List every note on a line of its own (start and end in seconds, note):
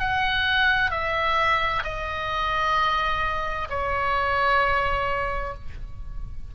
0.00 0.91 F#5
0.91 1.83 E5
1.84 3.68 D#5
3.70 5.55 C#5